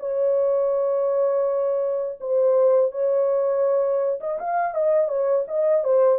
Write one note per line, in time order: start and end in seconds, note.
0.00 2.20 C#5
2.21 2.92 C5
2.92 4.20 C#5
4.20 4.39 D#5
4.40 4.75 F5
4.75 5.09 D#5
5.09 5.45 C#5
5.48 5.84 D#5
5.84 6.20 C5